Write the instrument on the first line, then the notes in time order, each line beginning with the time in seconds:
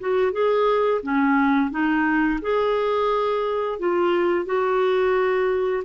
clarinet
0.00 F#4
0.32 G#4
1.03 C#4
1.71 D#4
2.42 G#4
3.79 F4
4.45 F#4